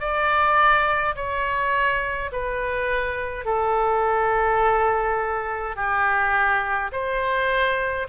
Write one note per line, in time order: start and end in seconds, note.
0.00 1.15 D5
1.15 2.31 C#5
2.32 3.46 B4
3.46 5.76 A4
5.76 6.91 G4
6.92 8.08 C5